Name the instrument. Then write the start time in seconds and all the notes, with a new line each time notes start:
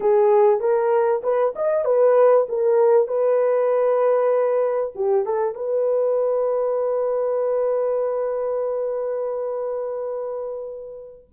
horn
0.00 G#4
0.59 A#4
1.23 B4
1.55 D#5
1.84 B4
2.49 A#4
3.07 B4
4.95 G4
5.25 A4
5.54 B4